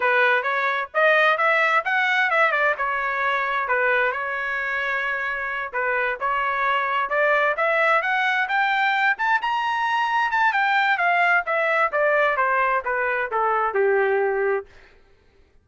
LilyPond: \new Staff \with { instrumentName = "trumpet" } { \time 4/4 \tempo 4 = 131 b'4 cis''4 dis''4 e''4 | fis''4 e''8 d''8 cis''2 | b'4 cis''2.~ | cis''8 b'4 cis''2 d''8~ |
d''8 e''4 fis''4 g''4. | a''8 ais''2 a''8 g''4 | f''4 e''4 d''4 c''4 | b'4 a'4 g'2 | }